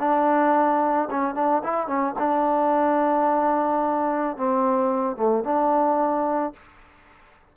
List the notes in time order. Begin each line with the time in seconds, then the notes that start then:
0.00 D4
1.11 C#4
1.35 D4
1.64 E4
1.88 C#4
2.19 D4
4.37 C4
5.17 A3
5.45 D4